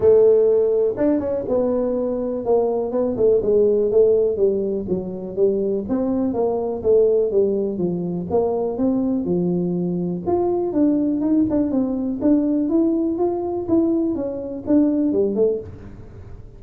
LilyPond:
\new Staff \with { instrumentName = "tuba" } { \time 4/4 \tempo 4 = 123 a2 d'8 cis'8 b4~ | b4 ais4 b8 a8 gis4 | a4 g4 fis4 g4 | c'4 ais4 a4 g4 |
f4 ais4 c'4 f4~ | f4 f'4 d'4 dis'8 d'8 | c'4 d'4 e'4 f'4 | e'4 cis'4 d'4 g8 a8 | }